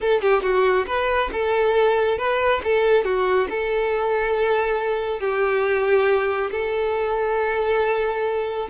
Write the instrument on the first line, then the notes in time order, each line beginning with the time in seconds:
violin
0.00 A4
0.21 G4
0.42 F#4
0.86 B4
1.32 A4
2.18 B4
2.64 A4
3.04 F#4
3.49 A4
5.20 G4
6.51 A4